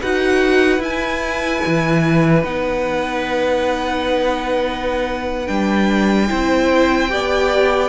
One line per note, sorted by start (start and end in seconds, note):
0.00 0.78 D#4
0.00 0.79 F#4
0.00 6.28 B4
0.00 0.82 F#5
0.78 1.59 E4
0.78 2.42 E4
0.78 2.43 G#5
1.66 2.44 E3
2.43 5.48 B3
2.43 5.47 D#4
2.43 5.47 F#5
5.47 6.30 G3
5.47 6.28 D4
5.47 7.89 G5
6.28 7.12 C4
6.28 7.08 E4
6.28 7.11 C5
7.08 7.89 B3
7.08 7.89 G4
7.08 7.89 D5